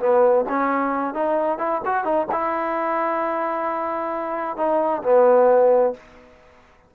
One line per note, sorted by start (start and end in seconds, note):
0.00 0.45 B3
0.49 1.14 C#4
1.14 1.59 D#4
1.59 1.81 E4
1.86 2.05 F#4
2.05 2.27 D#4
2.32 4.57 E4
4.57 5.02 D#4
5.03 5.94 B3